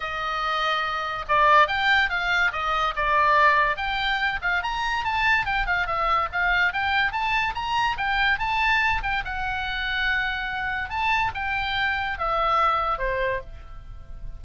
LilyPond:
\new Staff \with { instrumentName = "oboe" } { \time 4/4 \tempo 4 = 143 dis''2. d''4 | g''4 f''4 dis''4 d''4~ | d''4 g''4. f''8 ais''4 | a''4 g''8 f''8 e''4 f''4 |
g''4 a''4 ais''4 g''4 | a''4. g''8 fis''2~ | fis''2 a''4 g''4~ | g''4 e''2 c''4 | }